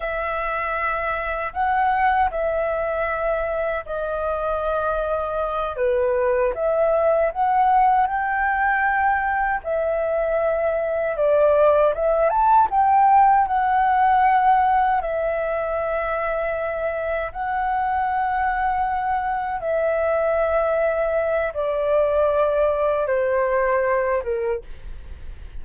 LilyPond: \new Staff \with { instrumentName = "flute" } { \time 4/4 \tempo 4 = 78 e''2 fis''4 e''4~ | e''4 dis''2~ dis''8 b'8~ | b'8 e''4 fis''4 g''4.~ | g''8 e''2 d''4 e''8 |
a''8 g''4 fis''2 e''8~ | e''2~ e''8 fis''4.~ | fis''4. e''2~ e''8 | d''2 c''4. ais'8 | }